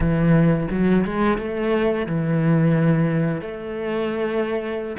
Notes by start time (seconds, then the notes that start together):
0.00 E3
0.71 F#3
1.04 G#3
1.38 A3
2.06 E3
3.41 A3